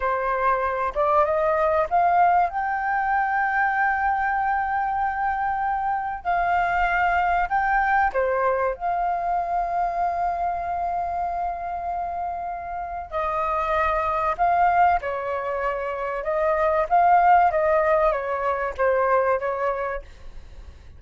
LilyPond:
\new Staff \with { instrumentName = "flute" } { \time 4/4 \tempo 4 = 96 c''4. d''8 dis''4 f''4 | g''1~ | g''2 f''2 | g''4 c''4 f''2~ |
f''1~ | f''4 dis''2 f''4 | cis''2 dis''4 f''4 | dis''4 cis''4 c''4 cis''4 | }